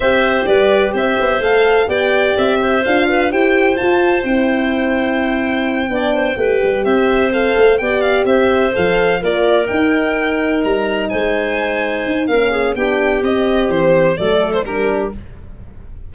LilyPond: <<
  \new Staff \with { instrumentName = "violin" } { \time 4/4 \tempo 4 = 127 e''4 d''4 e''4 f''4 | g''4 e''4 f''4 g''4 | a''4 g''2.~ | g''2~ g''8 e''4 f''8~ |
f''8 g''8 f''8 e''4 f''4 d''8~ | d''8 g''2 ais''4 gis''8~ | gis''2 f''4 g''4 | dis''4 c''4 d''8. c''16 ais'4 | }
  \new Staff \with { instrumentName = "clarinet" } { \time 4/4 c''4 b'4 c''2 | d''4. c''4 b'8 c''4~ | c''1~ | c''8 d''8 c''8 b'4 c''4.~ |
c''8 d''4 c''2 ais'8~ | ais'2.~ ais'8 c''8~ | c''2 ais'8 gis'8 g'4~ | g'2 a'4 g'4 | }
  \new Staff \with { instrumentName = "horn" } { \time 4/4 g'2. a'4 | g'2 f'4 g'4 | f'4 e'2.~ | e'8 d'4 g'2 a'8~ |
a'8 g'2 a'4 f'8~ | f'8 dis'2.~ dis'8~ | dis'2 cis'4 d'4 | c'2 a4 d'4 | }
  \new Staff \with { instrumentName = "tuba" } { \time 4/4 c'4 g4 c'8 b8 a4 | b4 c'4 d'4 e'4 | f'4 c'2.~ | c'8 b4 a8 g8 c'4. |
a8 b4 c'4 f4 ais8~ | ais8 dis'2 g4 gis8~ | gis4. dis'8 ais4 b4 | c'4 e4 fis4 g4 | }
>>